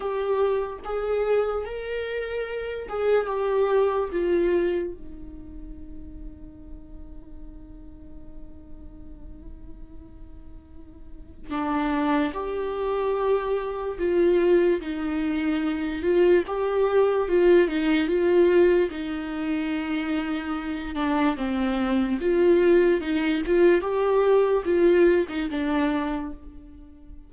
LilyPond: \new Staff \with { instrumentName = "viola" } { \time 4/4 \tempo 4 = 73 g'4 gis'4 ais'4. gis'8 | g'4 f'4 dis'2~ | dis'1~ | dis'2 d'4 g'4~ |
g'4 f'4 dis'4. f'8 | g'4 f'8 dis'8 f'4 dis'4~ | dis'4. d'8 c'4 f'4 | dis'8 f'8 g'4 f'8. dis'16 d'4 | }